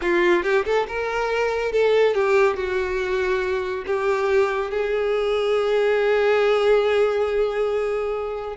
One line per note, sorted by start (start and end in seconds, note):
0.01 0.43 F4
0.43 0.64 G4
0.65 0.86 A4
0.87 1.71 A#4
1.71 2.14 A4
2.14 2.56 G4
2.56 3.85 F#4
3.86 4.70 G4
4.70 8.56 G#4